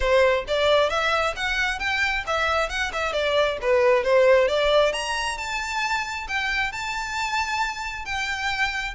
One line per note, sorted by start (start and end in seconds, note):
0.00 0.44 C5
0.47 0.89 D5
0.89 1.34 E5
1.36 1.79 F#5
1.79 2.23 G5
2.27 2.69 E5
2.69 2.91 F#5
2.92 3.12 E5
3.12 3.57 D5
3.61 4.03 B4
4.03 4.48 C5
4.48 4.93 D5
4.93 5.37 A#5
5.37 6.27 A5
6.27 6.72 G5
6.72 8.05 A5
8.05 8.95 G5